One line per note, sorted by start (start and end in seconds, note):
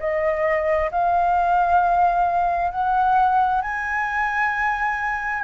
0.00 0.91 D#5
0.92 2.71 F5
2.71 3.62 F#5
3.62 5.44 G#5